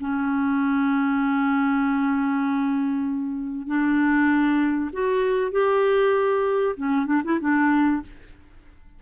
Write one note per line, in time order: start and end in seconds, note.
0.00 3.67 C#4
3.67 4.91 D4
4.93 5.52 F#4
5.52 6.76 G4
6.77 7.07 C#4
7.07 7.22 D4
7.25 7.40 E4
7.41 8.02 D4